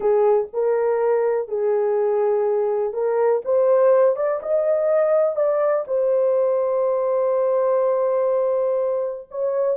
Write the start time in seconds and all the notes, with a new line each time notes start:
0.00 G#4
0.53 A#4
1.48 G#4
2.93 A#4
3.44 C5
4.16 D5
4.42 D#5
5.35 D5
5.87 C5
9.30 C#5